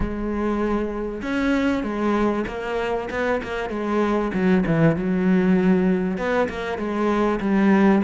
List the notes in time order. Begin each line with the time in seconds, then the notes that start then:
0.00 G#3
1.22 C#4
1.83 G#3
2.47 A#3
3.10 B3
3.43 A#3
3.69 G#3
4.33 F#3
4.66 E3
4.96 F#3
6.17 B3
6.49 A#3
6.77 G#3
7.40 G3